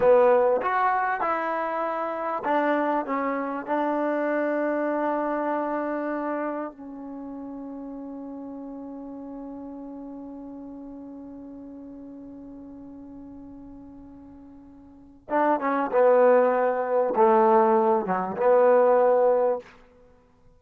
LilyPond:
\new Staff \with { instrumentName = "trombone" } { \time 4/4 \tempo 4 = 98 b4 fis'4 e'2 | d'4 cis'4 d'2~ | d'2. cis'4~ | cis'1~ |
cis'1~ | cis'1~ | cis'4 d'8 cis'8 b2 | a4. fis8 b2 | }